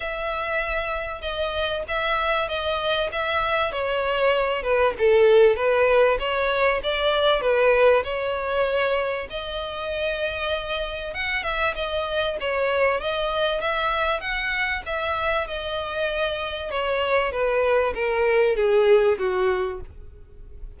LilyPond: \new Staff \with { instrumentName = "violin" } { \time 4/4 \tempo 4 = 97 e''2 dis''4 e''4 | dis''4 e''4 cis''4. b'8 | a'4 b'4 cis''4 d''4 | b'4 cis''2 dis''4~ |
dis''2 fis''8 e''8 dis''4 | cis''4 dis''4 e''4 fis''4 | e''4 dis''2 cis''4 | b'4 ais'4 gis'4 fis'4 | }